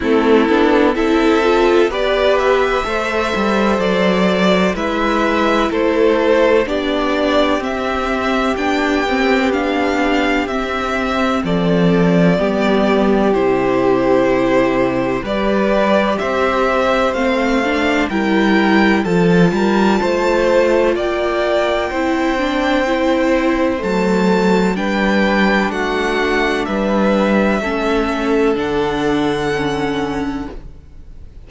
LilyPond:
<<
  \new Staff \with { instrumentName = "violin" } { \time 4/4 \tempo 4 = 63 a'4 e''4 d''8 e''4. | d''4 e''4 c''4 d''4 | e''4 g''4 f''4 e''4 | d''2 c''2 |
d''4 e''4 f''4 g''4 | a''2 g''2~ | g''4 a''4 g''4 fis''4 | e''2 fis''2 | }
  \new Staff \with { instrumentName = "violin" } { \time 4/4 e'4 a'4 b'4 c''4~ | c''4 b'4 a'4 g'4~ | g'1 | a'4 g'2. |
b'4 c''2 ais'4 | a'8 ais'8 c''4 d''4 c''4~ | c''2 b'4 fis'4 | b'4 a'2. | }
  \new Staff \with { instrumentName = "viola" } { \time 4/4 c'8 d'8 e'8 f'8 g'4 a'4~ | a'4 e'2 d'4 | c'4 d'8 c'8 d'4 c'4~ | c'4 b4 e'2 |
g'2 c'8 d'8 e'4 | f'2. e'8 d'8 | e'4 a4 d'2~ | d'4 cis'4 d'4 cis'4 | }
  \new Staff \with { instrumentName = "cello" } { \time 4/4 a8 b8 c'4 b4 a8 g8 | fis4 gis4 a4 b4 | c'4 b2 c'4 | f4 g4 c2 |
g4 c'4 a4 g4 | f8 g8 a4 ais4 c'4~ | c'4 fis4 g4 a4 | g4 a4 d2 | }
>>